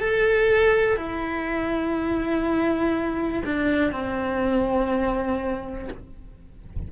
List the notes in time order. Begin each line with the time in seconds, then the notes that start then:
0.00 A4
0.97 E4
3.44 D4
3.91 C4